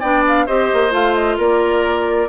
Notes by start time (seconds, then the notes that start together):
0.00 B3 D4 D5 G5
0.28 F5
0.46 C4 G4 C5 D#5
0.73 A#3
0.90 A3 F4 F5
1.15 D#5
1.37 A#3 A#4 D5